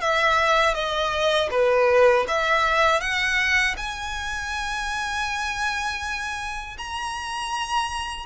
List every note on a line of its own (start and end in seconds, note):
0.00 0.74 E5
0.74 1.49 D#5
1.50 2.25 B4
2.28 3.00 E5
3.00 3.75 F#5
3.77 6.77 G#5
6.77 8.26 A#5